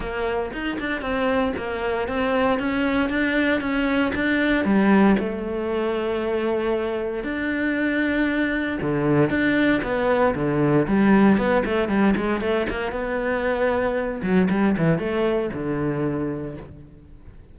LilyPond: \new Staff \with { instrumentName = "cello" } { \time 4/4 \tempo 4 = 116 ais4 dis'8 d'8 c'4 ais4 | c'4 cis'4 d'4 cis'4 | d'4 g4 a2~ | a2 d'2~ |
d'4 d4 d'4 b4 | d4 g4 b8 a8 g8 gis8 | a8 ais8 b2~ b8 fis8 | g8 e8 a4 d2 | }